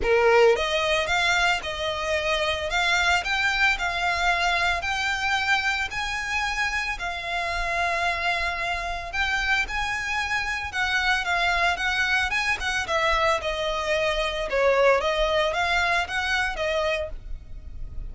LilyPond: \new Staff \with { instrumentName = "violin" } { \time 4/4 \tempo 4 = 112 ais'4 dis''4 f''4 dis''4~ | dis''4 f''4 g''4 f''4~ | f''4 g''2 gis''4~ | gis''4 f''2.~ |
f''4 g''4 gis''2 | fis''4 f''4 fis''4 gis''8 fis''8 | e''4 dis''2 cis''4 | dis''4 f''4 fis''4 dis''4 | }